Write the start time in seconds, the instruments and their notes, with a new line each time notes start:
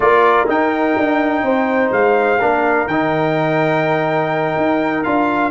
0.00 tuba A#3, trombone F4, horn A#4, trumpet D5
0.46 trombone D#4, tuba D#4, trumpet G5
0.97 tuba D4
1.42 tuba C4, horn C5
1.91 tuba G#3, trumpet F5
2.39 tuba A#3, trombone D4, horn A#4
2.86 tuba D#3, trombone D#4, trumpet G5
4.56 tuba D#4
5.03 tuba D4, trombone F4, trumpet F5